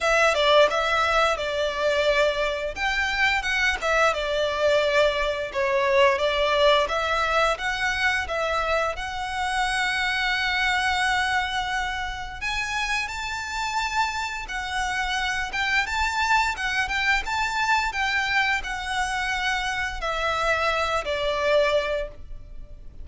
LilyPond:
\new Staff \with { instrumentName = "violin" } { \time 4/4 \tempo 4 = 87 e''8 d''8 e''4 d''2 | g''4 fis''8 e''8 d''2 | cis''4 d''4 e''4 fis''4 | e''4 fis''2.~ |
fis''2 gis''4 a''4~ | a''4 fis''4. g''8 a''4 | fis''8 g''8 a''4 g''4 fis''4~ | fis''4 e''4. d''4. | }